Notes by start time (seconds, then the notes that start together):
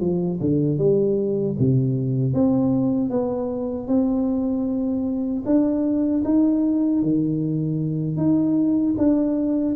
0.00 F3
0.40 D3
0.78 G3
1.59 C3
2.34 C4
3.10 B3
3.87 C4
5.45 D4
6.24 D#4
7.02 D#3
8.17 D#4
8.98 D4